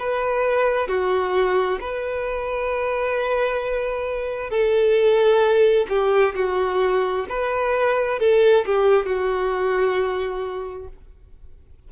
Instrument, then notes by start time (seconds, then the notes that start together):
violin
0.00 B4
0.88 F#4
1.81 B4
4.50 A4
5.89 G4
6.36 F#4
7.29 B4
8.20 A4
8.66 G4
9.06 F#4